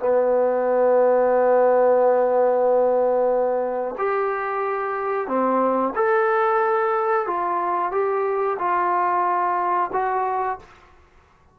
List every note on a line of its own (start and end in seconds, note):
0.00 3.96 B3
3.99 5.28 G4
5.28 5.94 C4
5.96 7.27 A4
7.27 7.92 F4
7.92 8.58 G4
8.59 9.91 F4
9.94 10.59 F#4